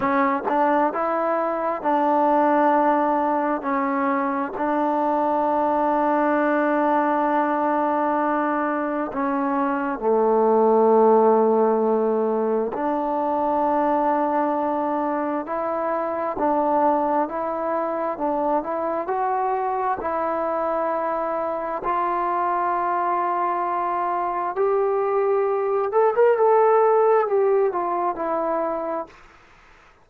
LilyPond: \new Staff \with { instrumentName = "trombone" } { \time 4/4 \tempo 4 = 66 cis'8 d'8 e'4 d'2 | cis'4 d'2.~ | d'2 cis'4 a4~ | a2 d'2~ |
d'4 e'4 d'4 e'4 | d'8 e'8 fis'4 e'2 | f'2. g'4~ | g'8 a'16 ais'16 a'4 g'8 f'8 e'4 | }